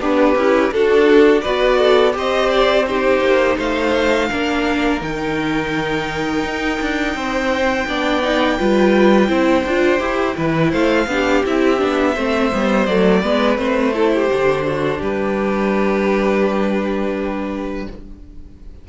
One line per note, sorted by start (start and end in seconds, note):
0.00 0.35 B3
0.00 0.36 D4
0.00 0.72 G4
0.00 0.73 B4
0.35 0.71 C#4
0.35 0.74 E4
0.72 1.43 D4
0.72 1.44 D4
0.72 1.43 F#4
0.72 1.42 A4
1.42 2.16 B3
1.42 2.12 F#4
1.42 1.78 B4
1.42 2.13 D5
1.78 2.14 A4
2.12 3.21 C4
2.12 2.84 G4
2.12 2.88 C5
2.12 2.50 D#5
2.50 2.86 D5
2.87 4.31 D#4
2.87 3.58 G4
2.87 3.58 C5
3.21 3.56 A#3
3.58 4.30 A3
3.58 4.29 C5
3.58 5.02 F5
4.30 5.01 A#3
4.30 5.01 D4
4.30 7.15 A#4
5.01 6.44 D#3
5.01 7.87 D#4
5.01 10.73 G5
6.44 6.79 D#4
6.81 7.15 D4
7.15 7.86 C4
7.15 7.87 C5
7.88 8.60 B3
7.88 8.22 D4
7.88 8.59 D5
8.22 8.58 D#4
8.58 9.29 G3
8.58 9.28 F4
8.58 9.29 B4
9.28 9.65 C4
9.28 9.63 E4
9.28 10.36 C5
9.66 10.01 D4
9.66 9.99 F4
9.99 10.36 E4
9.99 10.35 G4
10.36 10.73 E3
10.36 11.07 E4
10.36 10.71 B4
10.71 11.07 A3
10.71 11.07 C5
10.71 11.45 F5
11.07 11.43 B3
11.07 11.45 D4
11.07 12.13 G4
11.46 11.82 C4
11.46 11.78 E4
11.46 12.86 E5
11.78 12.17 B3
11.78 12.14 D4
12.13 12.53 A3
12.13 12.52 C4
12.13 13.20 C5
12.52 12.87 G3
12.52 12.88 B3
12.86 13.23 F#3
12.86 13.23 A3
12.86 13.57 D5
13.22 13.58 G#3
13.22 13.56 B3
13.22 13.93 B4
13.56 14.29 A3
13.56 13.92 C4
13.56 15.01 C5
13.93 14.30 E4
13.93 14.11 A4
14.14 14.67 G4
14.32 15.01 D3
14.32 17.89 D4
14.67 14.99 F#4
14.99 17.87 G3
14.99 17.85 G4
14.99 17.88 B4